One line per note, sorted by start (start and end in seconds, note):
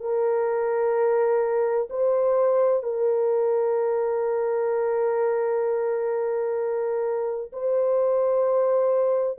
0.00 1.87 A#4
1.90 2.83 C5
2.83 7.51 A#4
7.53 9.38 C5